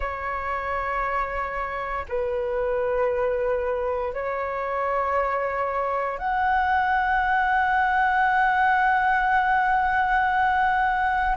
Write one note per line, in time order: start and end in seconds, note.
0.00 2.05 C#5
2.08 4.13 B4
4.13 6.18 C#5
6.18 11.35 F#5